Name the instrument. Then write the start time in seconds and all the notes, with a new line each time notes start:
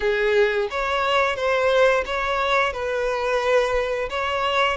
violin
0.00 G#4
0.70 C#5
1.35 C5
2.05 C#5
2.73 B4
4.09 C#5